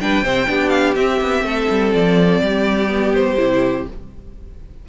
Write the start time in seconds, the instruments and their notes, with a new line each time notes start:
0.00 cello G3, viola D4, violin B4 G5
0.22 cello C3, viola C4, violin C5
0.47 cello B3, viola D4, violin G4
0.69 violin F5
0.95 viola C4, cello C4, violin E5
1.21 cello B3
1.43 cello A3, violin A4
1.70 cello G3
1.93 cello F3, violin D5
2.40 cello G3, violin G4
2.88 viola B3
3.14 violin C5
3.38 cello C3, viola E4